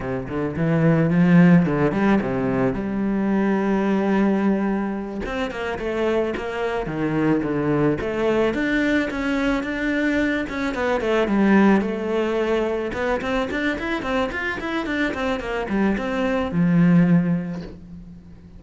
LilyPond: \new Staff \with { instrumentName = "cello" } { \time 4/4 \tempo 4 = 109 c8 d8 e4 f4 d8 g8 | c4 g2.~ | g4. c'8 ais8 a4 ais8~ | ais8 dis4 d4 a4 d'8~ |
d'8 cis'4 d'4. cis'8 b8 | a8 g4 a2 b8 | c'8 d'8 e'8 c'8 f'8 e'8 d'8 c'8 | ais8 g8 c'4 f2 | }